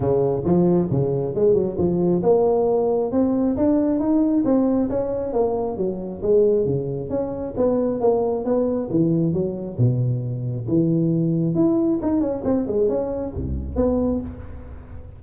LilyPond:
\new Staff \with { instrumentName = "tuba" } { \time 4/4 \tempo 4 = 135 cis4 f4 cis4 gis8 fis8 | f4 ais2 c'4 | d'4 dis'4 c'4 cis'4 | ais4 fis4 gis4 cis4 |
cis'4 b4 ais4 b4 | e4 fis4 b,2 | e2 e'4 dis'8 cis'8 | c'8 gis8 cis'4 c,4 b4 | }